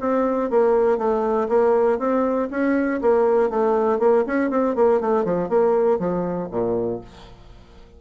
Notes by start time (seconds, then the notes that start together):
0.00 C4
0.50 A#3
0.98 A3
1.49 A#3
1.98 C4
2.50 C#4
3.01 A#3
3.50 A3
3.99 A#3
4.27 C#4
4.50 C4
4.75 A#3
5.01 A3
5.24 F3
5.49 A#3
5.99 F3
6.51 A#2